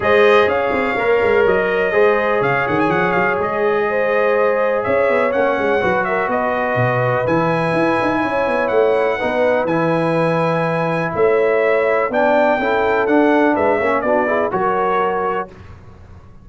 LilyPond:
<<
  \new Staff \with { instrumentName = "trumpet" } { \time 4/4 \tempo 4 = 124 dis''4 f''2 dis''4~ | dis''4 f''8 fis''16 gis''16 fis''8 f''8 dis''4~ | dis''2 e''4 fis''4~ | fis''8 e''8 dis''2 gis''4~ |
gis''2 fis''2 | gis''2. e''4~ | e''4 g''2 fis''4 | e''4 d''4 cis''2 | }
  \new Staff \with { instrumentName = "horn" } { \time 4/4 c''4 cis''2. | c''4 cis''2. | c''2 cis''2 | b'8 ais'8 b'2.~ |
b'4 cis''2 b'4~ | b'2. cis''4~ | cis''4 d''4 a'2 | b'8 cis''8 fis'8 gis'8 ais'2 | }
  \new Staff \with { instrumentName = "trombone" } { \time 4/4 gis'2 ais'2 | gis'1~ | gis'2. cis'4 | fis'2. e'4~ |
e'2. dis'4 | e'1~ | e'4 d'4 e'4 d'4~ | d'8 cis'8 d'8 e'8 fis'2 | }
  \new Staff \with { instrumentName = "tuba" } { \time 4/4 gis4 cis'8 c'8 ais8 gis8 fis4 | gis4 cis8 dis8 f8 fis8 gis4~ | gis2 cis'8 b8 ais8 gis8 | fis4 b4 b,4 e4 |
e'8 dis'8 cis'8 b8 a4 b4 | e2. a4~ | a4 b4 cis'4 d'4 | gis8 ais8 b4 fis2 | }
>>